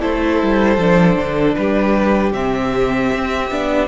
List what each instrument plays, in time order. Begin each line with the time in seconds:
0.00 cello A3, viola E4, violin A4 C5
0.42 cello G3
0.77 cello F3, viola D4
1.17 cello D3
1.55 cello G3, violin G4 B4
2.32 cello C3, viola C4, violin E5
3.14 cello C4
3.51 cello B3, viola D4